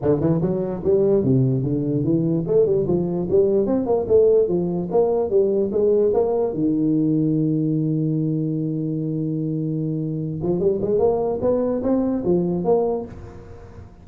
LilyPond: \new Staff \with { instrumentName = "tuba" } { \time 4/4 \tempo 4 = 147 d8 e8 fis4 g4 c4 | d4 e4 a8 g8 f4 | g4 c'8 ais8 a4 f4 | ais4 g4 gis4 ais4 |
dis1~ | dis1~ | dis4. f8 g8 gis8 ais4 | b4 c'4 f4 ais4 | }